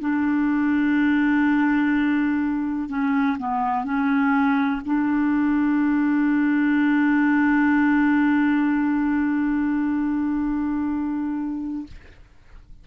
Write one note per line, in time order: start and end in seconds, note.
0.00 2.89 D4
2.89 3.37 C#4
3.39 3.85 B3
3.85 4.82 C#4
4.86 11.87 D4